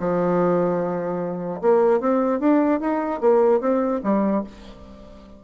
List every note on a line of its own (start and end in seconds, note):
0.00 1.61 F3
1.62 2.00 A#3
2.00 2.40 C4
2.40 2.80 D4
2.81 3.21 D#4
3.21 3.61 A#3
3.61 4.01 C4
4.04 4.44 G3